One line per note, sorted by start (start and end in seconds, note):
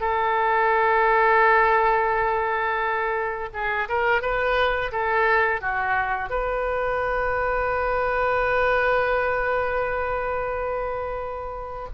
0.00 3.49 A4
3.53 3.88 G#4
3.88 4.22 A#4
4.22 4.92 B4
4.92 5.61 A4
5.61 6.29 F#4
6.29 11.88 B4